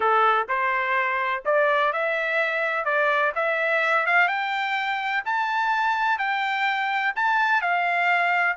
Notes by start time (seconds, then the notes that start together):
0.00 A4
0.48 C5
1.45 D5
1.92 E5
2.84 D5
3.35 E5
4.06 F5
4.28 G5
5.25 A5
6.18 G5
7.15 A5
7.61 F5